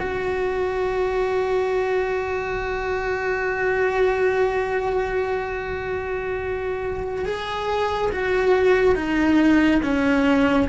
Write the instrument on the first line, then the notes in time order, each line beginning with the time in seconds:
cello
0.00 F#4
7.26 G#4
8.13 F#4
8.96 D#4
9.83 C#4